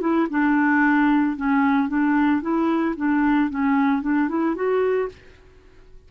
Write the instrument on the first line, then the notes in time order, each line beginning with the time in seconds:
clarinet
0.00 E4
0.30 D4
1.36 C#4
1.88 D4
2.41 E4
2.96 D4
3.50 C#4
4.02 D4
4.29 E4
4.55 F#4